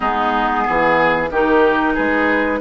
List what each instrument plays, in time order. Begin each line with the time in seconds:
0.00 bassoon G#3, clarinet B3, oboe D#4, flute G#4
0.64 bassoon E3, oboe G#4
1.30 bassoon D#3, clarinet D#4, oboe G4, flute A#4
1.93 bassoon G#3, oboe G#4, flute B4